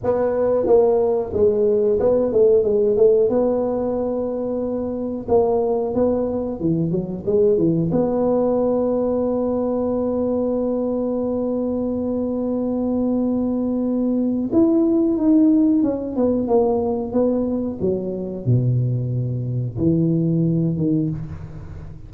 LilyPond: \new Staff \with { instrumentName = "tuba" } { \time 4/4 \tempo 4 = 91 b4 ais4 gis4 b8 a8 | gis8 a8 b2. | ais4 b4 e8 fis8 gis8 e8 | b1~ |
b1~ | b2 e'4 dis'4 | cis'8 b8 ais4 b4 fis4 | b,2 e4. dis8 | }